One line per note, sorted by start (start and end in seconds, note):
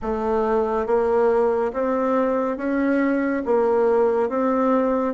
0.02 0.86 A3
0.86 1.72 A#3
1.73 2.57 C4
2.57 3.42 C#4
3.45 4.29 A#3
4.29 5.14 C4